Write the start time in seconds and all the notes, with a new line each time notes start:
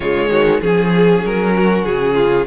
0.00 C#3 G#3 F4 C#5
0.29 D#3 F#4
0.60 F3 C#4 G#4
1.25 F#3 A#4
1.54 F#4
1.84 C#3 G#4
2.14 F4